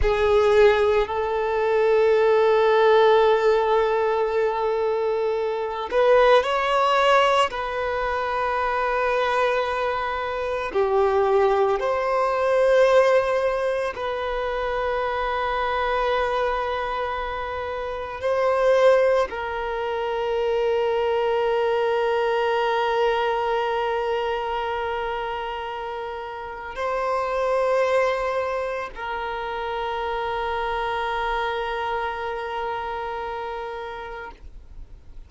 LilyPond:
\new Staff \with { instrumentName = "violin" } { \time 4/4 \tempo 4 = 56 gis'4 a'2.~ | a'4. b'8 cis''4 b'4~ | b'2 g'4 c''4~ | c''4 b'2.~ |
b'4 c''4 ais'2~ | ais'1~ | ais'4 c''2 ais'4~ | ais'1 | }